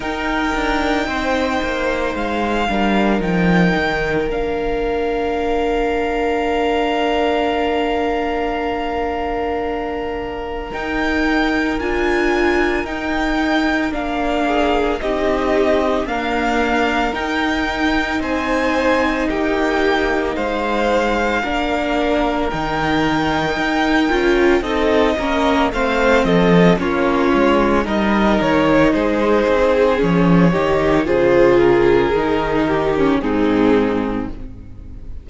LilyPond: <<
  \new Staff \with { instrumentName = "violin" } { \time 4/4 \tempo 4 = 56 g''2 f''4 g''4 | f''1~ | f''2 g''4 gis''4 | g''4 f''4 dis''4 f''4 |
g''4 gis''4 g''4 f''4~ | f''4 g''2 dis''4 | f''8 dis''8 cis''4 dis''8 cis''8 c''4 | cis''4 c''8 ais'4. gis'4 | }
  \new Staff \with { instrumentName = "violin" } { \time 4/4 ais'4 c''4. ais'4.~ | ais'1~ | ais'1~ | ais'4. gis'8 g'4 ais'4~ |
ais'4 c''4 g'4 c''4 | ais'2. a'8 ais'8 | c''8 a'8 f'4 ais'4 gis'4~ | gis'8 g'8 gis'4. g'8 dis'4 | }
  \new Staff \with { instrumentName = "viola" } { \time 4/4 dis'2~ dis'8 d'8 dis'4 | d'1~ | d'2 dis'4 f'4 | dis'4 d'4 dis'4 ais4 |
dis'1 | d'4 dis'4. f'8 dis'8 cis'8 | c'4 cis'4 dis'2 | cis'8 dis'8 f'4 dis'8. cis'16 c'4 | }
  \new Staff \with { instrumentName = "cello" } { \time 4/4 dis'8 d'8 c'8 ais8 gis8 g8 f8 dis8 | ais1~ | ais2 dis'4 d'4 | dis'4 ais4 c'4 d'4 |
dis'4 c'4 ais4 gis4 | ais4 dis4 dis'8 cis'8 c'8 ais8 | a8 f8 ais8 gis8 g8 dis8 gis8 c'8 | f8 dis8 cis4 dis4 gis,4 | }
>>